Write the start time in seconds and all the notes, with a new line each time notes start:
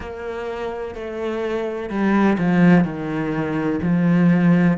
0.00 A#3
0.94 A3
1.89 G3
2.38 F3
2.84 D#3
3.82 F3